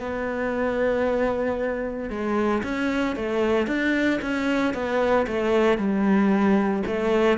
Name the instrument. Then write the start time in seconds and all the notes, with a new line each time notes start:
cello
0.00 B3
2.10 G#3
2.63 C#4
3.16 A3
3.67 D4
4.22 C#4
4.74 B3
5.27 A3
5.78 G3
6.87 A3